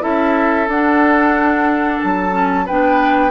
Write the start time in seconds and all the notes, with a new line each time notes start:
0.00 C#4 E4 A4 E5
0.68 D4 F#5
2.01 F#3 A5
2.31 C#4
2.66 B3 D4 B4 G5